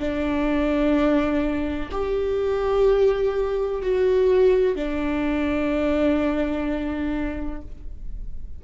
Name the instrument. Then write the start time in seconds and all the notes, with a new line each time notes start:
viola
0.00 D4
1.92 G4
3.82 F#4
4.76 D4